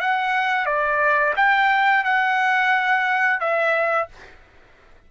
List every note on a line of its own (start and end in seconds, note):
0.00 0.66 F#5
0.66 1.34 D5
1.36 2.04 G5
2.04 3.40 F#5
3.40 4.08 E5